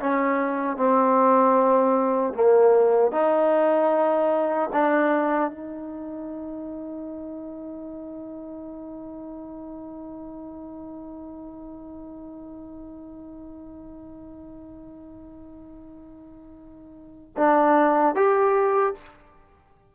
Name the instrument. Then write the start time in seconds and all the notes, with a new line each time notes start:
trombone
0.00 C#4
0.77 C4
2.34 A#3
3.12 D#4
4.73 D4
5.51 D#4
17.37 D4
18.15 G4